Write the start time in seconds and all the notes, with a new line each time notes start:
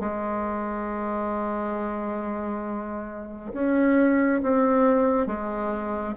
0.00 G#3
3.53 C#4
4.43 C4
5.27 G#3